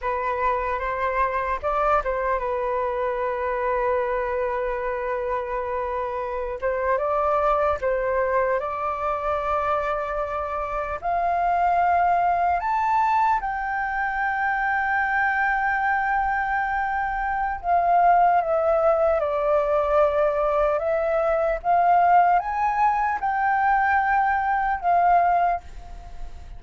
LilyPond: \new Staff \with { instrumentName = "flute" } { \time 4/4 \tempo 4 = 75 b'4 c''4 d''8 c''8 b'4~ | b'1~ | b'16 c''8 d''4 c''4 d''4~ d''16~ | d''4.~ d''16 f''2 a''16~ |
a''8. g''2.~ g''16~ | g''2 f''4 e''4 | d''2 e''4 f''4 | gis''4 g''2 f''4 | }